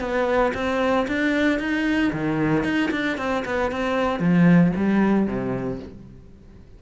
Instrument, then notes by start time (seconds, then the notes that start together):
cello
0.00 B3
0.54 C4
1.07 D4
1.59 D#4
2.13 D#3
2.64 D#4
2.91 D4
3.17 C4
3.45 B3
3.71 C4
4.20 F3
4.76 G3
5.27 C3